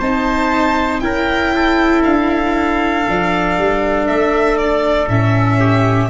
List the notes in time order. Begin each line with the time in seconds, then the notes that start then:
0.00 C4 D#4 C5 A5
1.00 C#4 E4 A#4 G5
1.56 A4
2.04 D4 F5
3.08 F3 D4
3.57 G3
4.07 A3 E5
4.58 D5
5.08 A2 C#4 E5
5.60 G4